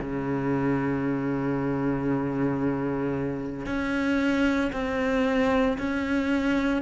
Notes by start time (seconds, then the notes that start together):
0.00 C#3
3.66 C#4
4.72 C4
5.78 C#4